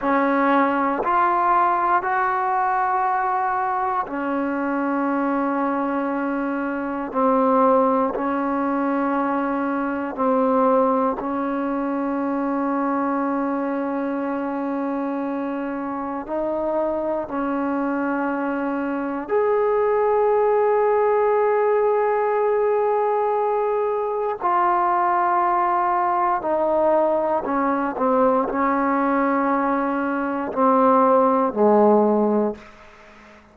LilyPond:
\new Staff \with { instrumentName = "trombone" } { \time 4/4 \tempo 4 = 59 cis'4 f'4 fis'2 | cis'2. c'4 | cis'2 c'4 cis'4~ | cis'1 |
dis'4 cis'2 gis'4~ | gis'1 | f'2 dis'4 cis'8 c'8 | cis'2 c'4 gis4 | }